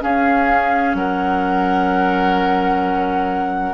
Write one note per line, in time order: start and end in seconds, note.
0.00 3.74 C#4
0.00 0.94 C#4
0.00 0.96 G#4
0.00 0.95 F5
0.94 3.74 F#3
0.94 3.74 A#4
0.94 3.74 F#5